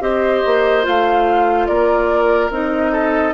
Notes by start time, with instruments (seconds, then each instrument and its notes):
0.00 bassoon C4, clarinet G4, oboe C5, flute D#5
0.45 bassoon A#3
0.83 bassoon A3, clarinet F4, flute F5
1.66 bassoon A#3, oboe A#4, flute D5
2.50 bassoon C4, clarinet D#4, flute D#5
2.91 oboe A4